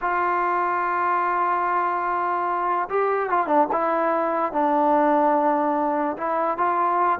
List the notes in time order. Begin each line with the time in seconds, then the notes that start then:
0.01 F4
2.89 G4
3.29 F4
3.47 D4
3.72 E4
4.52 D4
6.17 E4
6.57 F4